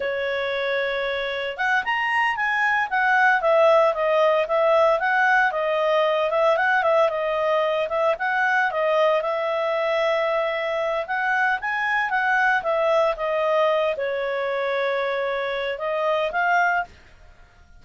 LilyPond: \new Staff \with { instrumentName = "clarinet" } { \time 4/4 \tempo 4 = 114 cis''2. fis''8 ais''8~ | ais''8 gis''4 fis''4 e''4 dis''8~ | dis''8 e''4 fis''4 dis''4. | e''8 fis''8 e''8 dis''4. e''8 fis''8~ |
fis''8 dis''4 e''2~ e''8~ | e''4 fis''4 gis''4 fis''4 | e''4 dis''4. cis''4.~ | cis''2 dis''4 f''4 | }